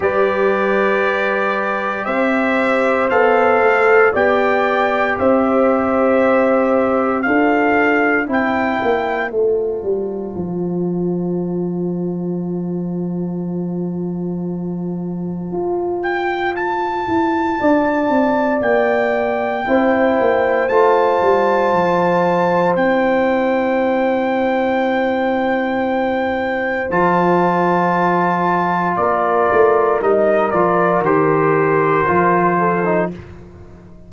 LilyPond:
<<
  \new Staff \with { instrumentName = "trumpet" } { \time 4/4 \tempo 4 = 58 d''2 e''4 f''4 | g''4 e''2 f''4 | g''4 a''2.~ | a''2.~ a''8 g''8 |
a''2 g''2 | a''2 g''2~ | g''2 a''2 | d''4 dis''8 d''8 c''2 | }
  \new Staff \with { instrumentName = "horn" } { \time 4/4 b'2 c''2 | d''4 c''2 a'4 | c''1~ | c''1~ |
c''4 d''2 c''4~ | c''1~ | c''1 | ais'2.~ ais'8 a'8 | }
  \new Staff \with { instrumentName = "trombone" } { \time 4/4 g'2. a'4 | g'2. f'4 | e'4 f'2.~ | f'1~ |
f'2. e'4 | f'2 e'2~ | e'2 f'2~ | f'4 dis'8 f'8 g'4 f'8. dis'16 | }
  \new Staff \with { instrumentName = "tuba" } { \time 4/4 g2 c'4 b8 a8 | b4 c'2 d'4 | c'8 ais8 a8 g8 f2~ | f2. f'4~ |
f'8 e'8 d'8 c'8 ais4 c'8 ais8 | a8 g8 f4 c'2~ | c'2 f2 | ais8 a8 g8 f8 dis4 f4 | }
>>